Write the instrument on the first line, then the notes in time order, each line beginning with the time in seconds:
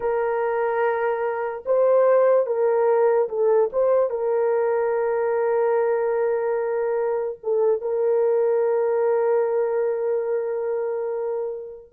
horn
0.00 A#4
1.65 C5
2.46 A#4
3.29 A4
3.72 C5
4.09 A#4
7.43 A4
7.81 A#4